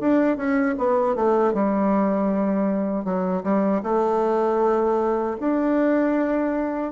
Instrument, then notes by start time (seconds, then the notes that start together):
bassoon
0.00 D4
0.37 C#4
0.78 B3
1.15 A3
1.53 G3
3.05 F#3
3.43 G3
3.83 A3
5.40 D4